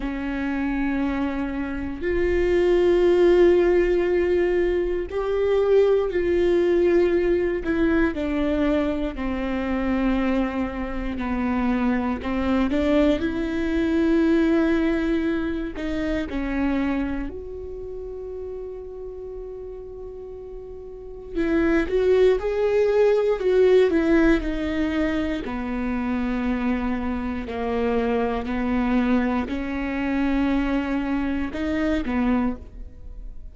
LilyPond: \new Staff \with { instrumentName = "viola" } { \time 4/4 \tempo 4 = 59 cis'2 f'2~ | f'4 g'4 f'4. e'8 | d'4 c'2 b4 | c'8 d'8 e'2~ e'8 dis'8 |
cis'4 fis'2.~ | fis'4 e'8 fis'8 gis'4 fis'8 e'8 | dis'4 b2 ais4 | b4 cis'2 dis'8 b8 | }